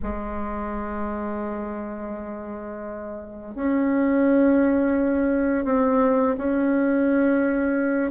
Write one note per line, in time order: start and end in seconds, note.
0.02 3.55 G#3
3.55 5.65 C#4
5.65 6.35 C4
6.37 8.11 C#4